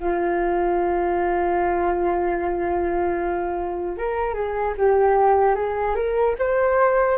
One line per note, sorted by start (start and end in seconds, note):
0.00 3.98 F4
3.98 4.34 A#4
4.34 4.74 G#4
4.77 5.55 G4
5.55 5.95 G#4
5.95 6.35 A#4
6.39 7.18 C5